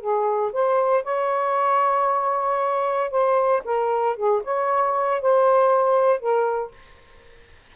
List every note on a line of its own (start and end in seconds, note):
0.00 0.52 G#4
0.53 1.04 C5
1.04 3.11 C#5
3.11 3.63 C5
3.64 4.16 A#4
4.16 4.42 G#4
4.44 5.21 C#5
5.21 6.20 C5
6.20 6.71 A#4